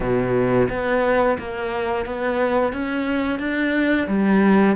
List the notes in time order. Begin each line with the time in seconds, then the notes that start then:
0.00 B2
0.69 B3
1.39 A#3
2.05 B3
2.73 C#4
3.39 D4
4.07 G3